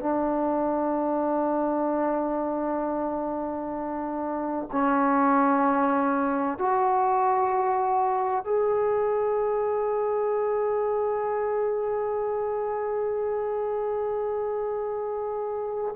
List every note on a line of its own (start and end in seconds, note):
0.00 4.69 D4
4.72 6.58 C#4
6.58 8.45 F#4
8.45 15.95 G#4